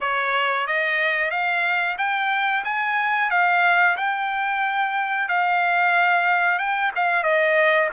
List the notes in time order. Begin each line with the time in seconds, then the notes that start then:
0.00 C#5
0.67 D#5
1.30 F5
1.98 G5
2.64 G#5
3.30 F5
3.97 G5
5.28 F5
6.58 G5
6.95 F5
7.23 D#5